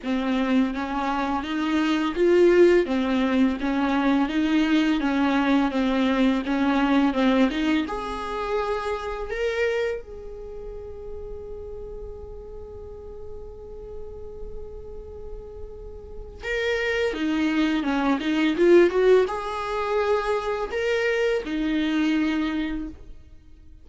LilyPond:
\new Staff \with { instrumentName = "viola" } { \time 4/4 \tempo 4 = 84 c'4 cis'4 dis'4 f'4 | c'4 cis'4 dis'4 cis'4 | c'4 cis'4 c'8 dis'8 gis'4~ | gis'4 ais'4 gis'2~ |
gis'1~ | gis'2. ais'4 | dis'4 cis'8 dis'8 f'8 fis'8 gis'4~ | gis'4 ais'4 dis'2 | }